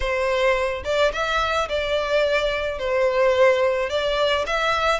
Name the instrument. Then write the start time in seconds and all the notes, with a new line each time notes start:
violin
0.00 C5
0.84 D5
1.12 E5
1.68 D5
2.78 C5
3.89 D5
4.46 E5